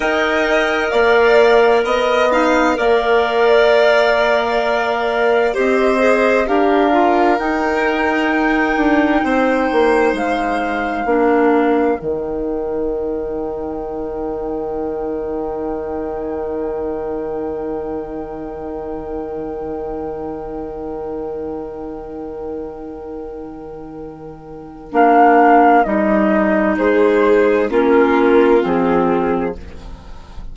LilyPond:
<<
  \new Staff \with { instrumentName = "flute" } { \time 4/4 \tempo 4 = 65 g''4 f''4 dis''4 f''4~ | f''2 dis''4 f''4 | g''2. f''4~ | f''4 g''2.~ |
g''1~ | g''1~ | g''2. f''4 | dis''4 c''4 ais'4 gis'4 | }
  \new Staff \with { instrumentName = "violin" } { \time 4/4 dis''4 d''4 dis''8 f''8 d''4~ | d''2 c''4 ais'4~ | ais'2 c''2 | ais'1~ |
ais'1~ | ais'1~ | ais'1~ | ais'4 gis'4 f'2 | }
  \new Staff \with { instrumentName = "clarinet" } { \time 4/4 ais'2~ ais'8 dis'8 ais'4~ | ais'2 g'8 gis'8 g'8 f'8 | dis'1 | d'4 dis'2.~ |
dis'1~ | dis'1~ | dis'2. d'4 | dis'2 cis'4 c'4 | }
  \new Staff \with { instrumentName = "bassoon" } { \time 4/4 dis'4 ais4 b4 ais4~ | ais2 c'4 d'4 | dis'4. d'8 c'8 ais8 gis4 | ais4 dis2.~ |
dis1~ | dis1~ | dis2. ais4 | g4 gis4 ais4 f4 | }
>>